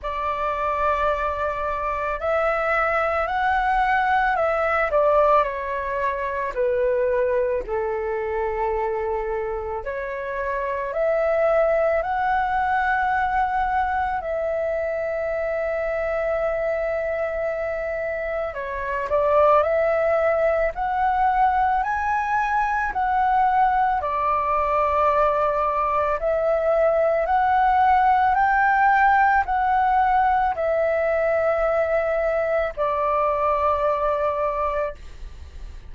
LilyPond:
\new Staff \with { instrumentName = "flute" } { \time 4/4 \tempo 4 = 55 d''2 e''4 fis''4 | e''8 d''8 cis''4 b'4 a'4~ | a'4 cis''4 e''4 fis''4~ | fis''4 e''2.~ |
e''4 cis''8 d''8 e''4 fis''4 | gis''4 fis''4 d''2 | e''4 fis''4 g''4 fis''4 | e''2 d''2 | }